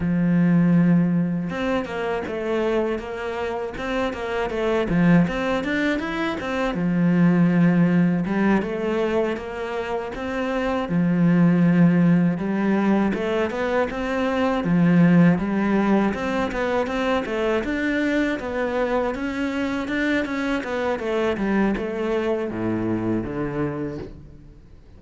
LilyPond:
\new Staff \with { instrumentName = "cello" } { \time 4/4 \tempo 4 = 80 f2 c'8 ais8 a4 | ais4 c'8 ais8 a8 f8 c'8 d'8 | e'8 c'8 f2 g8 a8~ | a8 ais4 c'4 f4.~ |
f8 g4 a8 b8 c'4 f8~ | f8 g4 c'8 b8 c'8 a8 d'8~ | d'8 b4 cis'4 d'8 cis'8 b8 | a8 g8 a4 a,4 d4 | }